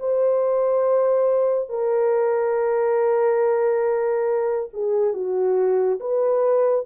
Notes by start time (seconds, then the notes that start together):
0.00 C5
1.69 A#4
4.74 G#4
5.14 F#4
6.00 B4